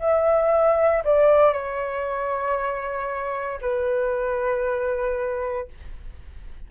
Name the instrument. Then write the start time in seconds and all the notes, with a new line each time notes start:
flute
0.00 E5
1.04 D5
1.53 C#5
3.62 B4